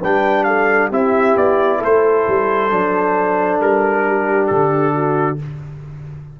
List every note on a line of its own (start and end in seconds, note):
0.00 0.91 G3
0.00 0.91 D4
0.00 0.45 B4
0.00 0.44 G5
0.44 0.89 A4
0.44 0.88 F5
0.89 1.36 C4
0.89 2.70 E4
0.89 1.78 G4
0.89 1.37 E5
1.36 1.81 B3
1.36 1.82 D5
1.78 2.26 A3
1.78 4.02 A4
1.84 3.61 C5
2.27 2.71 G3
2.70 3.60 F#3
2.70 5.39 D4
3.60 4.49 G3
3.60 4.46 A#4
4.07 4.94 G4
4.46 5.40 D3
4.46 5.36 A4
4.94 5.39 F#4